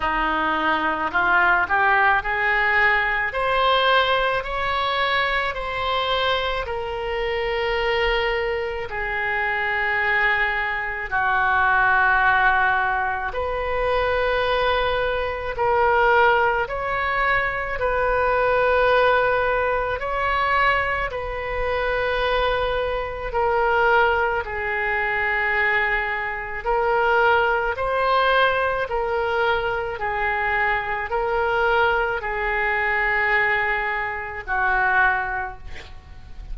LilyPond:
\new Staff \with { instrumentName = "oboe" } { \time 4/4 \tempo 4 = 54 dis'4 f'8 g'8 gis'4 c''4 | cis''4 c''4 ais'2 | gis'2 fis'2 | b'2 ais'4 cis''4 |
b'2 cis''4 b'4~ | b'4 ais'4 gis'2 | ais'4 c''4 ais'4 gis'4 | ais'4 gis'2 fis'4 | }